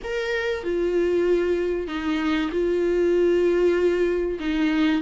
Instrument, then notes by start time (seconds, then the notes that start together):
viola
0.03 A#4
0.63 F4
1.87 D#4
2.51 F4
4.39 D#4